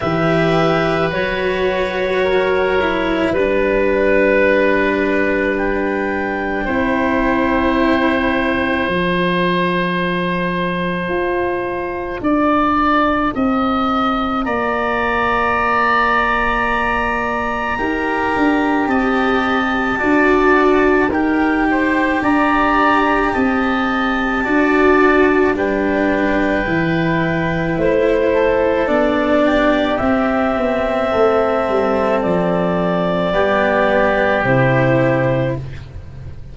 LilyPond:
<<
  \new Staff \with { instrumentName = "clarinet" } { \time 4/4 \tempo 4 = 54 e''4 cis''2 b'4~ | b'4 g''2. | a''1~ | a''4 ais''2.~ |
ais''4 a''2 g''4 | ais''4 a''2 g''4~ | g''4 c''4 d''4 e''4~ | e''4 d''2 c''4 | }
  \new Staff \with { instrumentName = "oboe" } { \time 4/4 b'2 ais'4 b'4~ | b'2 c''2~ | c''2. d''4 | dis''4 d''2. |
ais'4 dis''4 d''4 ais'8 c''8 | d''4 dis''4 d''4 b'4~ | b'4. a'4 g'4. | a'2 g'2 | }
  \new Staff \with { instrumentName = "cello" } { \time 4/4 g'4 fis'4. e'8 d'4~ | d'2 e'2 | f'1~ | f'1 |
g'2 fis'4 g'4~ | g'2 fis'4 d'4 | e'2 d'4 c'4~ | c'2 b4 e'4 | }
  \new Staff \with { instrumentName = "tuba" } { \time 4/4 e4 fis2 g4~ | g2 c'2 | f2 f'4 d'4 | c'4 ais2. |
dis'8 d'8 c'4 d'4 dis'4 | d'4 c'4 d'4 g4 | e4 a4 b4 c'8 b8 | a8 g8 f4 g4 c4 | }
>>